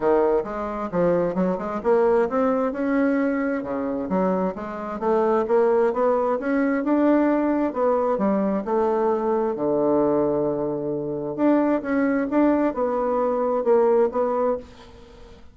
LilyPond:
\new Staff \with { instrumentName = "bassoon" } { \time 4/4 \tempo 4 = 132 dis4 gis4 f4 fis8 gis8 | ais4 c'4 cis'2 | cis4 fis4 gis4 a4 | ais4 b4 cis'4 d'4~ |
d'4 b4 g4 a4~ | a4 d2.~ | d4 d'4 cis'4 d'4 | b2 ais4 b4 | }